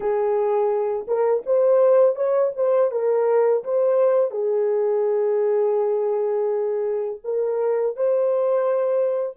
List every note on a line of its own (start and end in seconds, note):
0.00 1.06 G#4
1.07 1.43 A#4
1.46 2.15 C5
2.15 2.51 C#5
2.55 2.91 C5
2.91 3.63 A#4
3.63 4.30 C5
4.30 7.20 G#4
7.24 7.96 A#4
7.96 9.36 C5